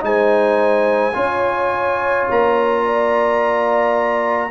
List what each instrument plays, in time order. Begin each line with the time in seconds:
0.00 tuba G#3, trombone D#4, horn C5, trumpet G#5
1.13 tuba C#4, trombone F4, horn C#5
2.30 tuba A#3, trumpet A#5
2.84 horn D5